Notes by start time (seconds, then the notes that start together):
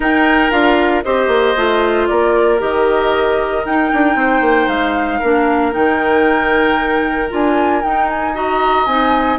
0.00 D#4 A#4 G5
0.50 D4 F4 F5
1.03 C4 G4 C5 D#5
1.27 A#3
1.56 A3 F4
2.07 A#3 A#4 D5
2.58 D#3 G4 D#5
3.64 D#4 G5
3.93 D4
4.15 C4 C5
4.41 A#3
4.67 G#3 F5
5.19 A#3 D4 A#4
5.71 D#3 D#4 G5
7.29 D4 F4 G#5
7.82 D#4 G5
8.09 G#5
8.34 F#4 D#5 A#5
8.85 C4 D#4 G#5